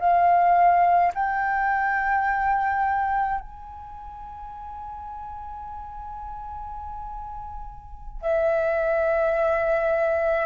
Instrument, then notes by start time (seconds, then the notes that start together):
flute
0.00 F5
1.15 G5
3.41 G#5
8.22 E5